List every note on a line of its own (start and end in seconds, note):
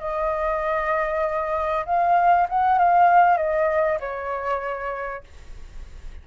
0.00 1.86 D#5
1.86 2.48 F5
2.49 2.79 F#5
2.79 3.37 F5
3.37 3.99 D#5
4.00 5.24 C#5